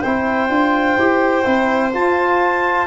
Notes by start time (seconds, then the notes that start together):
0.00 C4 E4 C5 G5
0.48 D4 F4
0.97 E4 G4
1.44 C4 E4
1.93 F4 A5